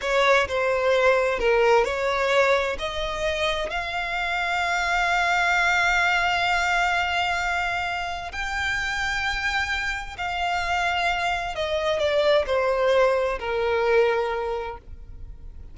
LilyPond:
\new Staff \with { instrumentName = "violin" } { \time 4/4 \tempo 4 = 130 cis''4 c''2 ais'4 | cis''2 dis''2 | f''1~ | f''1~ |
f''2 g''2~ | g''2 f''2~ | f''4 dis''4 d''4 c''4~ | c''4 ais'2. | }